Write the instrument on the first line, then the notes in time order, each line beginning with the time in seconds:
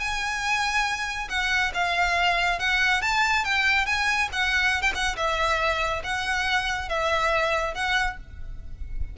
violin
0.00 G#5
1.30 F#5
1.75 F5
2.60 F#5
3.02 A5
3.45 G5
3.86 G#5
4.33 F#5
4.82 G5
4.95 F#5
5.17 E5
6.04 F#5
6.89 E5
7.75 F#5